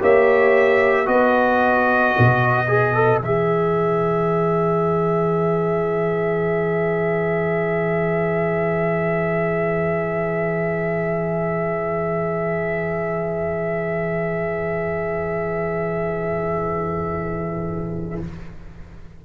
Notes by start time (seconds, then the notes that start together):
0.00 A#3 G4 C#5 E5
1.06 B3 F#4 B4 D#5
2.18 B2
2.68 G#4
2.94 A4
3.20 E3 G#4 E5